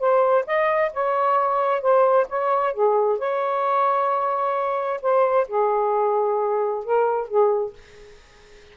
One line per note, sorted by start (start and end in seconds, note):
0.00 0.45 C5
0.47 0.92 D#5
0.94 1.82 C#5
1.82 2.27 C5
2.29 2.74 C#5
2.74 3.19 G#4
3.19 5.01 C#5
5.02 5.48 C5
5.48 6.85 G#4
6.85 7.28 A#4
7.28 7.74 G#4